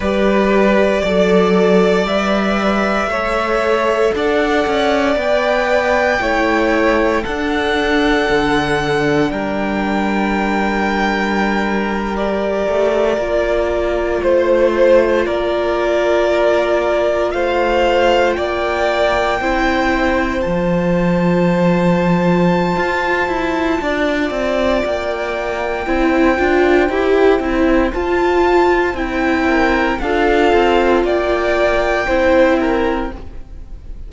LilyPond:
<<
  \new Staff \with { instrumentName = "violin" } { \time 4/4 \tempo 4 = 58 d''2 e''2 | fis''4 g''2 fis''4~ | fis''4 g''2~ g''8. d''16~ | d''4.~ d''16 c''4 d''4~ d''16~ |
d''8. f''4 g''2 a''16~ | a''1 | g''2. a''4 | g''4 f''4 g''2 | }
  \new Staff \with { instrumentName = "violin" } { \time 4/4 b'4 d''2 cis''4 | d''2 cis''4 a'4~ | a'4 ais'2.~ | ais'4.~ ais'16 c''4 ais'4~ ais'16~ |
ais'8. c''4 d''4 c''4~ c''16~ | c''2. d''4~ | d''4 c''2.~ | c''8 ais'8 a'4 d''4 c''8 ais'8 | }
  \new Staff \with { instrumentName = "viola" } { \time 4/4 g'4 a'4 b'4 a'4~ | a'4 b'4 e'4 d'4~ | d'2.~ d'8. g'16~ | g'8. f'2.~ f'16~ |
f'2~ f'8. e'4 f'16~ | f'1~ | f'4 e'8 f'8 g'8 e'8 f'4 | e'4 f'2 e'4 | }
  \new Staff \with { instrumentName = "cello" } { \time 4/4 g4 fis4 g4 a4 | d'8 cis'8 b4 a4 d'4 | d4 g2.~ | g16 a8 ais4 a4 ais4~ ais16~ |
ais8. a4 ais4 c'4 f16~ | f2 f'8 e'8 d'8 c'8 | ais4 c'8 d'8 e'8 c'8 f'4 | c'4 d'8 c'8 ais4 c'4 | }
>>